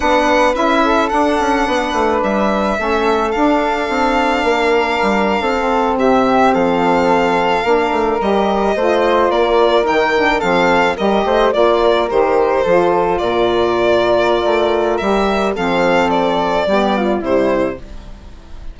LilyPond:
<<
  \new Staff \with { instrumentName = "violin" } { \time 4/4 \tempo 4 = 108 fis''4 e''4 fis''2 | e''2 f''2~ | f''2~ f''8. e''4 f''16~ | f''2~ f''8. dis''4~ dis''16~ |
dis''8. d''4 g''4 f''4 dis''16~ | dis''8. d''4 c''2 d''16~ | d''2. e''4 | f''4 d''2 c''4 | }
  \new Staff \with { instrumentName = "flute" } { \time 4/4 b'4. a'4. b'4~ | b'4 a'2. | ais'4.~ ais'16 a'4 g'4 a'16~ | a'4.~ a'16 ais'2 c''16~ |
c''8. ais'2 a'4 ais'16~ | ais'16 c''8 d''8 ais'4. a'4 ais'16~ | ais'1 | a'2 g'8 f'8 e'4 | }
  \new Staff \with { instrumentName = "saxophone" } { \time 4/4 d'4 e'4 d'2~ | d'4 cis'4 d'2~ | d'2 c'2~ | c'4.~ c'16 d'4 g'4 f'16~ |
f'4.~ f'16 dis'8 d'8 c'4 g'16~ | g'8. f'4 g'4 f'4~ f'16~ | f'2. g'4 | c'2 b4 g4 | }
  \new Staff \with { instrumentName = "bassoon" } { \time 4/4 b4 cis'4 d'8 cis'8 b8 a8 | g4 a4 d'4 c'4 | ais4 g8. c'4 c4 f16~ | f4.~ f16 ais8 a8 g4 a16~ |
a8. ais4 dis4 f4 g16~ | g16 a8 ais4 dis4 f4 ais,16~ | ais,2 a4 g4 | f2 g4 c4 | }
>>